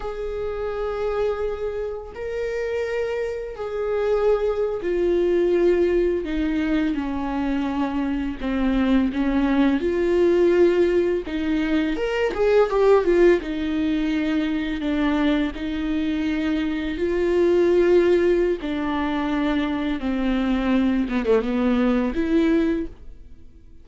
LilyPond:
\new Staff \with { instrumentName = "viola" } { \time 4/4 \tempo 4 = 84 gis'2. ais'4~ | ais'4 gis'4.~ gis'16 f'4~ f'16~ | f'8. dis'4 cis'2 c'16~ | c'8. cis'4 f'2 dis'16~ |
dis'8. ais'8 gis'8 g'8 f'8 dis'4~ dis'16~ | dis'8. d'4 dis'2 f'16~ | f'2 d'2 | c'4. b16 a16 b4 e'4 | }